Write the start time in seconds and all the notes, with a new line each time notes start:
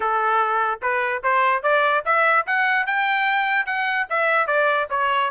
0.00 A4
0.81 B4
1.23 C5
1.63 D5
2.05 E5
2.46 F#5
2.86 G5
3.65 F#5
4.09 E5
4.46 D5
4.89 C#5